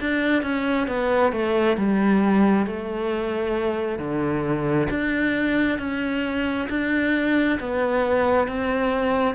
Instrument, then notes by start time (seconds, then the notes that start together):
cello
0.00 D4
0.42 C#4
0.87 B3
1.32 A3
1.77 G3
2.66 A3
3.99 D3
4.90 D4
5.78 C#4
6.69 D4
7.60 B3
8.47 C4